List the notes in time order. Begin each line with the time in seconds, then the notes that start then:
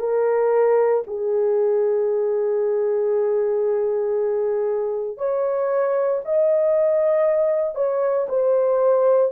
0.00 A#4
1.08 G#4
5.18 C#5
6.25 D#5
7.75 C#5
8.29 C5